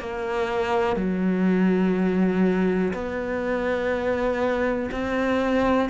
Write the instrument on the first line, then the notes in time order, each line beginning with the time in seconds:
cello
0.00 A#3
0.96 F#3
2.93 B3
4.91 C4